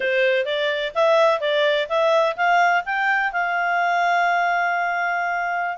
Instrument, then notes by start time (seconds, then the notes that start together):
clarinet
0.00 C5
0.45 D5
0.94 E5
1.40 D5
1.89 E5
2.36 F5
2.85 G5
3.32 F5